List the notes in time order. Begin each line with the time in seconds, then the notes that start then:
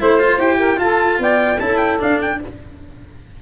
0.00 A3 E4 C5
0.19 F4
0.38 E4 G4 G5
0.58 A#4
0.76 F4 A4 A5
1.18 B3 D5 G5
1.59 C#4 E4 A4 A5
1.77 G5
1.99 D4 F5
2.21 G5